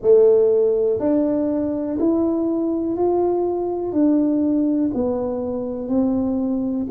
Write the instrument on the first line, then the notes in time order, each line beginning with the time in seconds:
tuba
0.01 A3
0.99 D4
1.99 E4
2.96 F4
3.92 D4
4.94 B3
5.88 C4